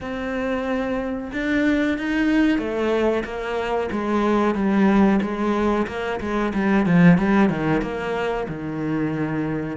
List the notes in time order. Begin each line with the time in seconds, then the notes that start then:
0.00 C4
1.32 D4
1.97 D#4
2.58 A3
3.24 A#3
3.91 G#3
4.54 G3
5.21 G#3
5.87 A#3
6.20 G#3
6.54 G3
6.85 F3
7.18 G3
7.49 D#3
7.81 A#3
8.48 D#3